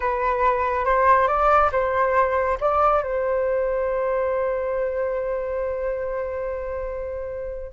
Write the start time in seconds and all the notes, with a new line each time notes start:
0.00 B4
0.85 C5
1.27 D5
1.72 C5
2.60 D5
3.02 C5